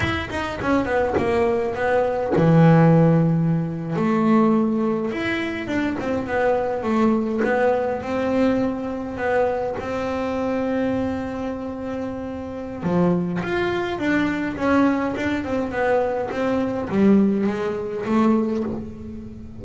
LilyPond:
\new Staff \with { instrumentName = "double bass" } { \time 4/4 \tempo 4 = 103 e'8 dis'8 cis'8 b8 ais4 b4 | e2~ e8. a4~ a16~ | a8. e'4 d'8 c'8 b4 a16~ | a8. b4 c'2 b16~ |
b8. c'2.~ c'16~ | c'2 f4 f'4 | d'4 cis'4 d'8 c'8 b4 | c'4 g4 gis4 a4 | }